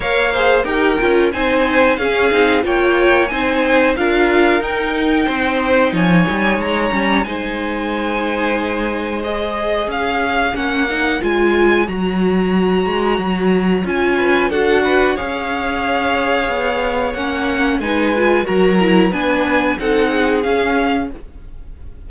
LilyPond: <<
  \new Staff \with { instrumentName = "violin" } { \time 4/4 \tempo 4 = 91 f''4 g''4 gis''4 f''4 | g''4 gis''4 f''4 g''4~ | g''4 gis''4 ais''4 gis''4~ | gis''2 dis''4 f''4 |
fis''4 gis''4 ais''2~ | ais''4 gis''4 fis''4 f''4~ | f''2 fis''4 gis''4 | ais''4 gis''4 fis''4 f''4 | }
  \new Staff \with { instrumentName = "violin" } { \time 4/4 cis''8 c''8 ais'4 c''4 gis'4 | cis''4 c''4 ais'2 | c''4 cis''2 c''4~ | c''2. cis''4~ |
cis''1~ | cis''4. b'8 a'8 b'8 cis''4~ | cis''2. b'4 | ais'4 b'4 a'8 gis'4. | }
  \new Staff \with { instrumentName = "viola" } { \time 4/4 ais'8 gis'8 g'8 f'8 dis'4 cis'8 dis'8 | f'4 dis'4 f'4 dis'4~ | dis'2~ dis'8 cis'8 dis'4~ | dis'2 gis'2 |
cis'8 dis'8 f'4 fis'2~ | fis'4 f'4 fis'4 gis'4~ | gis'2 cis'4 dis'8 f'8 | fis'8 e'8 d'4 dis'4 cis'4 | }
  \new Staff \with { instrumentName = "cello" } { \time 4/4 ais4 dis'8 cis'8 c'4 cis'8 c'8 | ais4 c'4 d'4 dis'4 | c'4 f8 g8 gis8 g8 gis4~ | gis2. cis'4 |
ais4 gis4 fis4. gis8 | fis4 cis'4 d'4 cis'4~ | cis'4 b4 ais4 gis4 | fis4 b4 c'4 cis'4 | }
>>